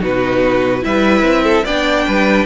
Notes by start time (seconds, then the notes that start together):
0.00 B2 D#4 F#4 B4
0.81 G3 E4 B4 E5
1.23 C4
1.44 A4
1.64 B3 D4 D5 G5
2.07 G3 B4